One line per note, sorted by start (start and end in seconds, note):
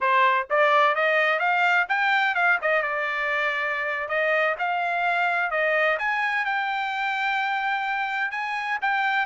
0.00 0.47 C5
0.50 0.95 D5
0.95 1.39 D#5
1.39 1.86 F5
1.89 2.35 G5
2.35 2.58 F5
2.61 2.82 D#5
2.82 4.08 D5
4.08 4.55 D#5
4.59 5.51 F5
5.51 5.97 D#5
5.99 6.45 G#5
6.45 8.31 G5
8.31 8.78 G#5
8.81 9.26 G5